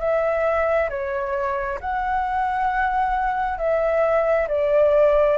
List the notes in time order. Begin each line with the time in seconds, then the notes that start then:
0.00 E5
0.90 C#5
1.81 F#5
3.59 E5
4.49 D5